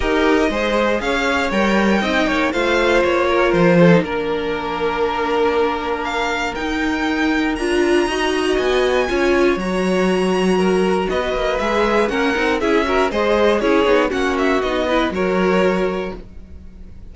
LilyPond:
<<
  \new Staff \with { instrumentName = "violin" } { \time 4/4 \tempo 4 = 119 dis''2 f''4 g''4~ | g''4 f''4 cis''4 c''4 | ais'1 | f''4 g''2 ais''4~ |
ais''4 gis''2 ais''4~ | ais''2 dis''4 e''4 | fis''4 e''4 dis''4 cis''4 | fis''8 e''8 dis''4 cis''2 | }
  \new Staff \with { instrumentName = "violin" } { \time 4/4 ais'4 c''4 cis''2 | dis''8 cis''8 c''4. ais'4 a'8 | ais'1~ | ais'1 |
dis''2 cis''2~ | cis''4 ais'4 b'2 | ais'4 gis'8 ais'8 c''4 gis'4 | fis'4. b'8 ais'2 | }
  \new Staff \with { instrumentName = "viola" } { \time 4/4 g'4 gis'2 ais'4 | dis'4 f'2~ f'8. dis'16 | d'1~ | d'4 dis'2 f'4 |
fis'2 f'4 fis'4~ | fis'2. gis'4 | cis'8 dis'8 e'8 fis'8 gis'4 e'8 dis'8 | cis'4 dis'8 e'8 fis'2 | }
  \new Staff \with { instrumentName = "cello" } { \time 4/4 dis'4 gis4 cis'4 g4 | c'8 ais8 a4 ais4 f4 | ais1~ | ais4 dis'2 d'4 |
dis'4 b4 cis'4 fis4~ | fis2 b8 ais8 gis4 | ais8 c'8 cis'4 gis4 cis'8 b8 | ais4 b4 fis2 | }
>>